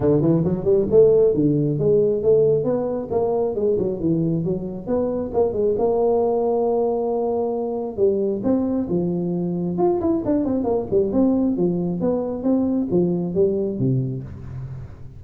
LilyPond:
\new Staff \with { instrumentName = "tuba" } { \time 4/4 \tempo 4 = 135 d8 e8 fis8 g8 a4 d4 | gis4 a4 b4 ais4 | gis8 fis8 e4 fis4 b4 | ais8 gis8 ais2.~ |
ais2 g4 c'4 | f2 f'8 e'8 d'8 c'8 | ais8 g8 c'4 f4 b4 | c'4 f4 g4 c4 | }